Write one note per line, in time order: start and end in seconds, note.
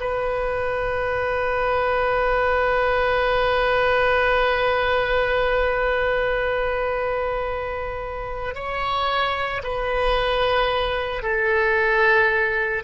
0.00 8.55 B4
8.55 9.62 C#5
9.64 11.23 B4
11.23 12.83 A4